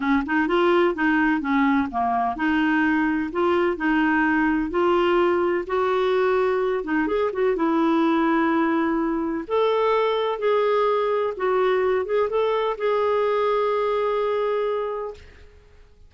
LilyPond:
\new Staff \with { instrumentName = "clarinet" } { \time 4/4 \tempo 4 = 127 cis'8 dis'8 f'4 dis'4 cis'4 | ais4 dis'2 f'4 | dis'2 f'2 | fis'2~ fis'8 dis'8 gis'8 fis'8 |
e'1 | a'2 gis'2 | fis'4. gis'8 a'4 gis'4~ | gis'1 | }